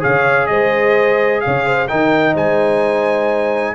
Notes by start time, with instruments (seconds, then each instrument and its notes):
0.00 tuba C#3, trombone G#4, horn C#5, trumpet F5
0.47 tuba G#3, horn C5, trumpet D#5
1.41 horn C#5, trumpet F5
1.47 tuba C#3
1.65 horn C5
1.88 tuba D#3, trombone D#4, horn A#4, trumpet G5
2.33 tuba G#3, horn C5, trumpet G#5